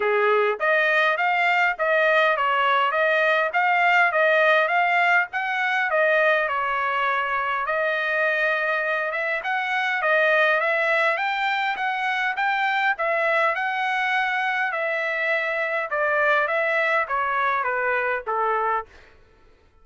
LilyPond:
\new Staff \with { instrumentName = "trumpet" } { \time 4/4 \tempo 4 = 102 gis'4 dis''4 f''4 dis''4 | cis''4 dis''4 f''4 dis''4 | f''4 fis''4 dis''4 cis''4~ | cis''4 dis''2~ dis''8 e''8 |
fis''4 dis''4 e''4 g''4 | fis''4 g''4 e''4 fis''4~ | fis''4 e''2 d''4 | e''4 cis''4 b'4 a'4 | }